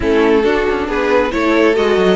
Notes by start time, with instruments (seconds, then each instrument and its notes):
0.00 cello A3, viola C#4, violin E4 A4
0.43 cello D4, viola D4, violin F#4
0.69 cello C#4
0.87 cello B3, violin G#4 B4
1.30 cello A3, viola E4, violin A4 C#5
1.75 cello G#3, viola F#4, violin D#5
1.97 cello F#3